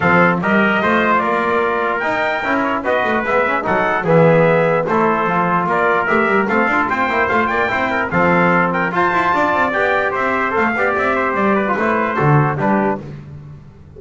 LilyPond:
<<
  \new Staff \with { instrumentName = "trumpet" } { \time 4/4 \tempo 4 = 148 f''4 dis''2 d''4~ | d''4 g''4. cis''8 dis''4 | e''4 fis''4 e''2 | c''2 d''4 e''4 |
f''4 g''4 f''8 g''4. | f''4. g''8 a''2 | g''4 e''4 f''4 e''4 | d''4 c''2 b'4 | }
  \new Staff \with { instrumentName = "trumpet" } { \time 4/4 a'4 ais'4 c''4 ais'4~ | ais'2. b'4~ | b'4 a'4 gis'2 | a'2 ais'2 |
a'4 c''4. d''8 c''8 ais'8 | a'4. ais'8 c''4 d''4~ | d''4 c''4. d''4 c''8~ | c''8 b'4. a'4 g'4 | }
  \new Staff \with { instrumentName = "trombone" } { \time 4/4 c'4 g'4 f'2~ | f'4 dis'4 e'4 fis'4 | b8 cis'8 dis'4 b2 | e'4 f'2 g'4 |
c'8 f'4 e'8 f'4 e'4 | c'2 f'2 | g'2 a'8 g'4.~ | g'8. f'16 e'4 fis'4 d'4 | }
  \new Staff \with { instrumentName = "double bass" } { \time 4/4 f4 g4 a4 ais4~ | ais4 dis'4 cis'4 b8 a8 | gis4 fis4 e2 | a4 f4 ais4 a8 g8 |
a8 d'8 c'8 ais8 a8 ais8 c'4 | f2 f'8 e'8 d'8 c'8 | b4 c'4 a8 b8 c'4 | g4 a4 d4 g4 | }
>>